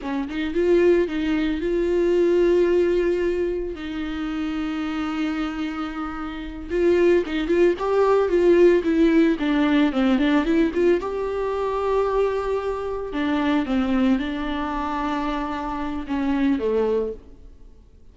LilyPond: \new Staff \with { instrumentName = "viola" } { \time 4/4 \tempo 4 = 112 cis'8 dis'8 f'4 dis'4 f'4~ | f'2. dis'4~ | dis'1~ | dis'8 f'4 dis'8 f'8 g'4 f'8~ |
f'8 e'4 d'4 c'8 d'8 e'8 | f'8 g'2.~ g'8~ | g'8 d'4 c'4 d'4.~ | d'2 cis'4 a4 | }